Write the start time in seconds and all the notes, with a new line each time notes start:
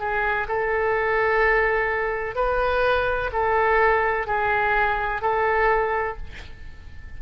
0.00 G#4
0.48 A4
2.35 B4
3.32 A4
4.27 G#4
5.22 A4